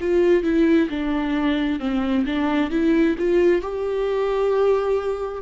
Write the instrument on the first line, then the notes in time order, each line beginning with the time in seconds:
viola
0.00 F4
0.43 E4
0.89 D4
1.79 C4
2.26 D4
2.70 E4
3.18 F4
3.62 G4